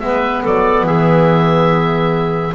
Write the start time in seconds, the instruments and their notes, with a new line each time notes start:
0.00 double bass G#3, saxophone B3, clarinet B4, oboe E5
0.44 double bass F#3, clarinet A4, oboe D5
0.84 double bass E3, clarinet G#4, oboe E5